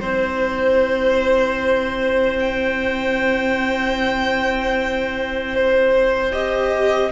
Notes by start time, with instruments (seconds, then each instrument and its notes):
0.00 cello C4, viola E4, violin C5, clarinet C5
2.40 violin G5
5.55 violin C5
6.32 viola G4, violin D#5